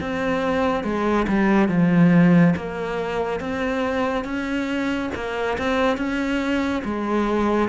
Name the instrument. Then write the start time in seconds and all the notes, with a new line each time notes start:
cello
0.00 C4
0.83 G#3
1.28 G3
1.68 F3
2.56 A#3
3.40 C4
4.24 C#4
5.15 A#3
5.58 C4
5.97 C#4
6.84 G#3